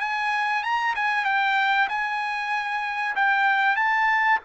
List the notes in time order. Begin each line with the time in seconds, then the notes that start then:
0.00 G#5
0.63 A#5
0.95 G#5
1.25 G5
1.89 G#5
3.16 G5
3.76 A5